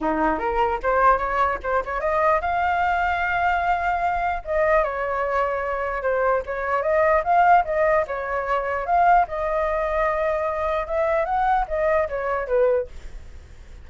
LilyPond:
\new Staff \with { instrumentName = "flute" } { \time 4/4 \tempo 4 = 149 dis'4 ais'4 c''4 cis''4 | c''8 cis''8 dis''4 f''2~ | f''2. dis''4 | cis''2. c''4 |
cis''4 dis''4 f''4 dis''4 | cis''2 f''4 dis''4~ | dis''2. e''4 | fis''4 dis''4 cis''4 b'4 | }